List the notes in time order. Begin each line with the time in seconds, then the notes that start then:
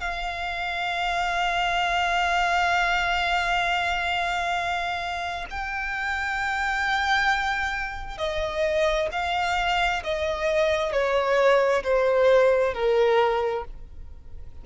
0.00 F5
5.50 G5
8.18 D#5
9.12 F5
10.03 D#5
10.92 C#5
11.83 C5
12.74 A#4